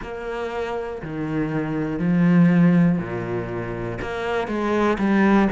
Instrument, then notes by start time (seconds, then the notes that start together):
cello
0.02 A#3
1.02 D#3
1.99 F3
2.98 A#2
4.01 A#3
4.47 G#3
4.98 G3